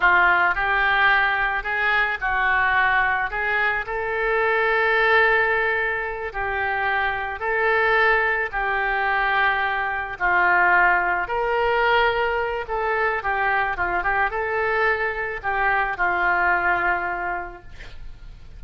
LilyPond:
\new Staff \with { instrumentName = "oboe" } { \time 4/4 \tempo 4 = 109 f'4 g'2 gis'4 | fis'2 gis'4 a'4~ | a'2.~ a'8 g'8~ | g'4. a'2 g'8~ |
g'2~ g'8 f'4.~ | f'8 ais'2~ ais'8 a'4 | g'4 f'8 g'8 a'2 | g'4 f'2. | }